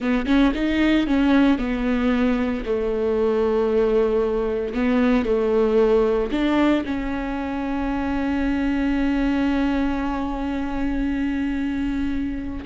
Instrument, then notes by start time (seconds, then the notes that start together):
viola
0.00 B3
0.26 C#4
0.54 D#4
1.06 C#4
1.58 B3
2.65 A3
4.73 B3
5.25 A3
6.31 D4
6.85 C#4